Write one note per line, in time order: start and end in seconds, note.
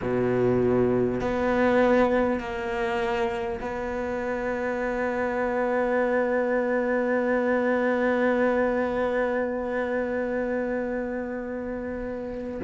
0.01 1.21 B2
1.21 2.39 B3
2.39 3.59 A#3
3.61 12.61 B3